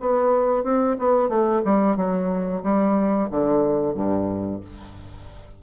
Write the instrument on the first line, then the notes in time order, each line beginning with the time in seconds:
bassoon
0.00 B3
0.63 C4
0.99 B3
1.29 A3
1.65 G3
1.96 F#3
2.63 G3
3.30 D3
3.94 G2